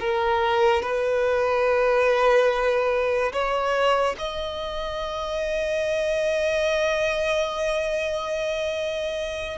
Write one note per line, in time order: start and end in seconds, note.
0.00 0.83 A#4
0.83 3.33 B4
3.33 4.16 C#5
4.19 9.59 D#5